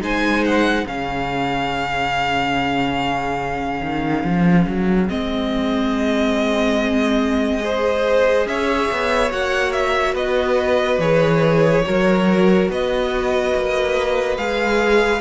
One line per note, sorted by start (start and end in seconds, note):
0.00 0.85 G#3
0.00 0.85 D#4
0.00 0.86 C5
0.00 0.44 G#5
0.44 0.87 F#5
0.86 3.81 C#3
0.86 5.08 C#4
0.86 7.62 G#4
0.86 5.09 F5
3.81 4.23 D#3
4.24 4.66 F3
4.67 5.09 F#3
5.08 8.46 G#3
5.08 7.60 C4
5.08 8.47 D#5
7.60 9.29 G#4
7.60 8.47 C5
8.46 8.88 C#4
8.46 10.13 C#5
8.46 9.31 E5
8.91 9.32 B3
9.31 10.14 A#3
9.31 11.00 F#4
9.31 9.72 F#5
9.72 10.14 E5
10.13 10.98 B3
10.13 11.82 B4
10.13 10.99 D#5
10.98 11.83 E3
10.98 11.84 G#4
10.98 12.68 C#5
11.85 12.68 F#3
11.85 14.37 F#4
11.85 12.71 A#4
12.68 13.53 B3
12.68 15.20 B4
12.68 14.37 D#5
13.55 14.37 A#3
14.37 15.20 G#3
14.37 15.20 G#4
14.37 15.20 F5